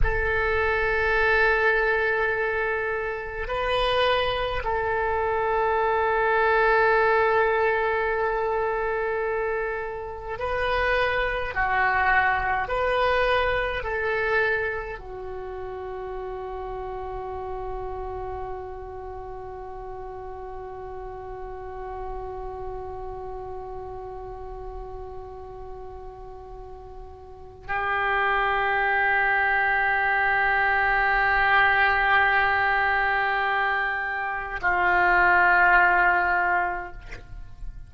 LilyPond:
\new Staff \with { instrumentName = "oboe" } { \time 4/4 \tempo 4 = 52 a'2. b'4 | a'1~ | a'4 b'4 fis'4 b'4 | a'4 fis'2.~ |
fis'1~ | fis'1 | g'1~ | g'2 f'2 | }